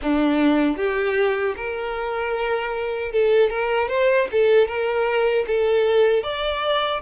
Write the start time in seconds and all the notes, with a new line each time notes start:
0.02 D4
0.77 G4
1.56 A#4
3.12 A4
3.49 A#4
3.88 C5
4.31 A4
4.67 A#4
5.47 A4
6.23 D5